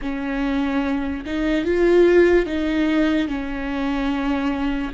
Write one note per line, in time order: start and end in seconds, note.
0.01 1.24 C#4
1.26 1.64 D#4
1.64 2.45 F4
2.45 3.28 D#4
3.28 4.92 C#4